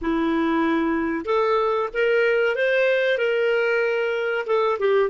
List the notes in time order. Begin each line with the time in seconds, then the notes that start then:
0.01 E4
1.25 A4
1.93 A#4
2.55 C5
3.17 A#4
4.46 A4
4.79 G4